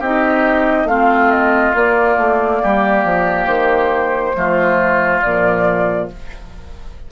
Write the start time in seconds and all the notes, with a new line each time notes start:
0.00 C4 D#4 G4 D#5
0.85 A3 C4 F4 F5
1.31 D#5
1.74 A#3 D5
2.17 A3
2.63 G3 G4
3.05 F3
3.46 D#3 C5
4.35 F3 A3 F4
5.22 A#2 F3 D5